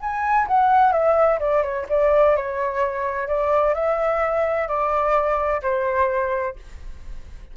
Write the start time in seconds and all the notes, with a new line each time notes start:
0.00 G#5
0.47 F#5
0.92 E5
1.39 D5
1.63 C#5
1.89 D5
2.36 C#5
3.27 D5
3.74 E5
4.67 D5
5.62 C5